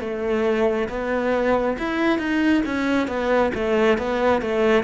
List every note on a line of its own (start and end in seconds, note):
0.00 0.88 A3
0.89 1.77 B3
1.78 2.18 E4
2.18 2.62 D#4
2.65 3.07 C#4
3.07 3.51 B3
3.54 3.97 A3
3.97 4.41 B3
4.41 4.83 A3